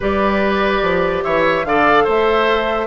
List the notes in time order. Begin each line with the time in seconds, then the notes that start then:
0.00 G3 G4 B4 D5
0.82 F3
1.23 E3 C#5 E5
1.64 D3 A4 D5 F5
2.04 A3 C5 E5